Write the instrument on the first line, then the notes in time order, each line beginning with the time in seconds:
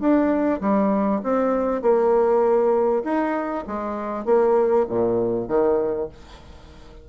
bassoon
0.00 D4
0.61 G3
1.23 C4
1.82 A#3
3.04 D#4
3.67 G#3
4.25 A#3
4.90 A#2
5.48 D#3